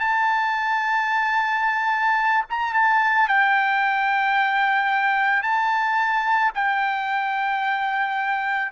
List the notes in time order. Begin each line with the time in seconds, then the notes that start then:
0.00 A5
2.50 A#5
2.74 A5
3.28 G5
5.43 A5
6.55 G5